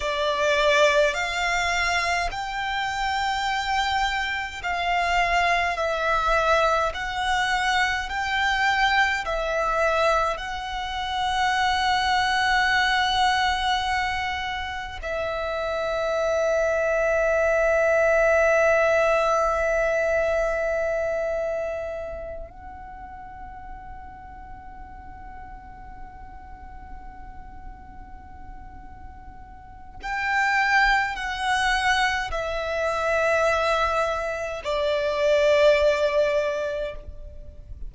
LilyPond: \new Staff \with { instrumentName = "violin" } { \time 4/4 \tempo 4 = 52 d''4 f''4 g''2 | f''4 e''4 fis''4 g''4 | e''4 fis''2.~ | fis''4 e''2.~ |
e''2.~ e''8 fis''8~ | fis''1~ | fis''2 g''4 fis''4 | e''2 d''2 | }